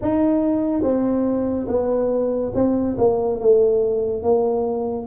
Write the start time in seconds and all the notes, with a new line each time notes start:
0.01 D#4
0.82 C4
1.67 B3
2.54 C4
2.98 A#3
3.40 A3
4.23 A#3